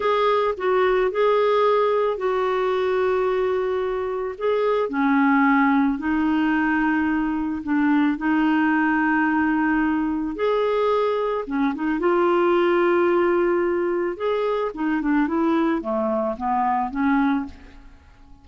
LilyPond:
\new Staff \with { instrumentName = "clarinet" } { \time 4/4 \tempo 4 = 110 gis'4 fis'4 gis'2 | fis'1 | gis'4 cis'2 dis'4~ | dis'2 d'4 dis'4~ |
dis'2. gis'4~ | gis'4 cis'8 dis'8 f'2~ | f'2 gis'4 dis'8 d'8 | e'4 a4 b4 cis'4 | }